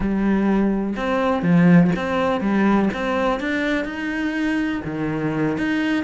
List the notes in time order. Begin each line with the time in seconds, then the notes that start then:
0.00 G3
0.96 C4
1.42 F3
1.96 C4
2.40 G3
2.93 C4
3.40 D4
3.84 D#4
4.85 D#3
5.57 D#4